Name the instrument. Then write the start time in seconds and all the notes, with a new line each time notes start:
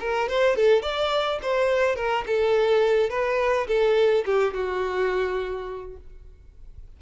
violin
0.00 A#4
0.29 C5
0.56 A4
0.83 D5
1.42 C5
1.96 A#4
2.27 A4
3.10 B4
3.68 A4
4.26 G4
4.54 F#4